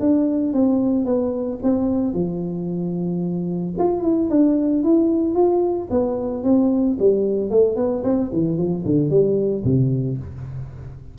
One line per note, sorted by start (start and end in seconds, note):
0.00 0.53 D4
0.53 1.05 C4
1.05 1.59 B3
1.63 2.14 C4
2.14 3.75 F3
3.79 4.03 F4
4.03 4.29 E4
4.30 4.84 D4
4.84 5.34 E4
5.34 5.88 F4
5.91 6.44 B3
6.44 6.97 C4
6.99 7.50 G3
7.50 7.76 A3
7.76 8.03 B3
8.04 8.31 C4
8.33 8.58 E3
8.58 8.84 F3
8.85 9.10 D3
9.10 9.64 G3
9.64 10.18 C3